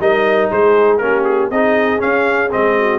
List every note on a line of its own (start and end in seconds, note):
0.00 0.50 G3
0.00 1.01 D#4
0.00 0.51 A#4
0.00 0.51 D#5
0.51 1.00 G#3
0.51 1.01 G#4
0.51 0.98 C5
0.98 1.51 A#3
0.98 1.51 C#4
0.98 1.51 G4
0.98 1.23 A#4
1.24 1.50 G#4
1.51 2.01 C4
1.51 1.99 D#4
1.51 2.78 G#4
1.51 2.01 D#5
1.99 2.49 C#4
1.99 2.54 C#4
1.99 2.52 F5
2.51 2.99 G#3
2.51 2.99 C4
2.51 2.99 D#5
2.79 2.99 F#4